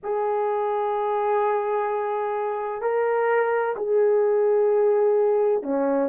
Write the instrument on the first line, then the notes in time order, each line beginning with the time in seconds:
horn
0.03 G#4
2.81 A#4
3.76 G#4
5.62 C#4